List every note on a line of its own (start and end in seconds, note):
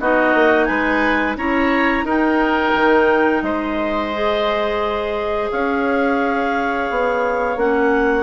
0.00 0.34 B3
0.00 1.38 D#4
0.00 0.68 F#4
0.00 0.65 D#5
0.34 0.69 A#3
0.65 1.36 G#3
0.65 1.37 B4
0.65 1.34 G#5
1.36 2.03 C#4
1.36 2.07 E4
1.36 2.05 C#5
1.36 2.06 A#5
2.03 2.72 D#4
2.03 4.14 D#4
2.03 3.43 A#4
2.09 3.43 G5
2.75 3.42 D#3
3.42 5.49 G#3
3.42 5.52 C5
3.42 5.50 D#5
4.14 7.57 G#4
5.52 6.90 C#4
5.52 8.24 C#5
5.52 7.58 F5
6.90 7.56 B3
7.56 8.24 A#3
7.56 8.24 C#4
7.56 8.24 F#5